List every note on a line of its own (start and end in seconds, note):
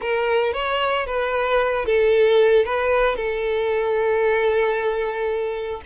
0.01 0.53 A#4
0.53 1.06 C#5
1.06 1.85 B4
1.85 2.65 A4
2.65 3.16 B4
3.16 5.81 A4